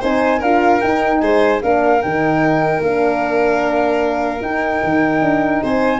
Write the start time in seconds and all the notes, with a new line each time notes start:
0.00 C4 D#4 C5 G#5
0.39 D4 F4 A#4 F5
0.81 D#4 G5
1.20 G#3 C5 G#5
1.62 A#3 D4 A#4 F5
2.02 D#3 D#4 G5
2.80 A#3 D4 F5
4.42 D#4 G5
4.83 D#3
5.21 D4
5.63 C4 C5 G#5